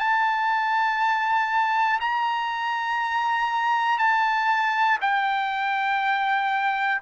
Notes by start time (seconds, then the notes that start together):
0.00 A5
2.00 A#5
3.99 A5
5.01 G5